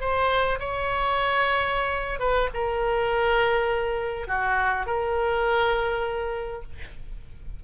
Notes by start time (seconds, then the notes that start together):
0.00 C5
0.59 C#5
2.19 B4
2.53 A#4
4.27 F#4
4.86 A#4